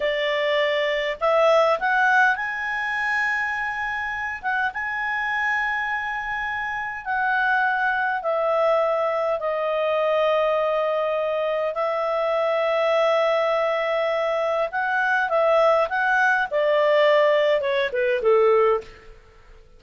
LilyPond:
\new Staff \with { instrumentName = "clarinet" } { \time 4/4 \tempo 4 = 102 d''2 e''4 fis''4 | gis''2.~ gis''8 fis''8 | gis''1 | fis''2 e''2 |
dis''1 | e''1~ | e''4 fis''4 e''4 fis''4 | d''2 cis''8 b'8 a'4 | }